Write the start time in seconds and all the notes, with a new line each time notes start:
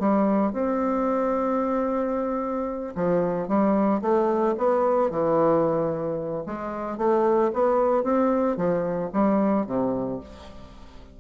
0.00 G3
0.53 C4
2.96 F3
3.48 G3
4.02 A3
4.58 B3
5.11 E3
6.47 G#3
6.98 A3
7.54 B3
8.04 C4
8.57 F3
9.13 G3
9.67 C3